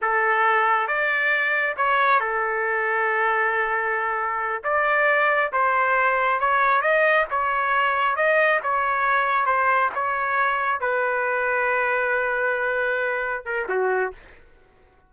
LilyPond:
\new Staff \with { instrumentName = "trumpet" } { \time 4/4 \tempo 4 = 136 a'2 d''2 | cis''4 a'2.~ | a'2~ a'8 d''4.~ | d''8 c''2 cis''4 dis''8~ |
dis''8 cis''2 dis''4 cis''8~ | cis''4. c''4 cis''4.~ | cis''8 b'2.~ b'8~ | b'2~ b'8 ais'8 fis'4 | }